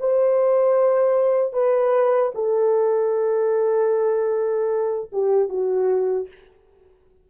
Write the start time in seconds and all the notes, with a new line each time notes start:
0.00 C5
1.53 B4
2.35 A4
5.12 G4
5.49 F#4